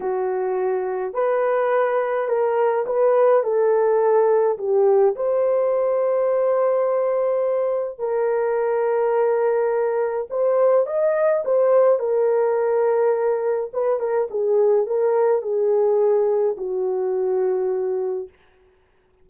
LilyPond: \new Staff \with { instrumentName = "horn" } { \time 4/4 \tempo 4 = 105 fis'2 b'2 | ais'4 b'4 a'2 | g'4 c''2.~ | c''2 ais'2~ |
ais'2 c''4 dis''4 | c''4 ais'2. | b'8 ais'8 gis'4 ais'4 gis'4~ | gis'4 fis'2. | }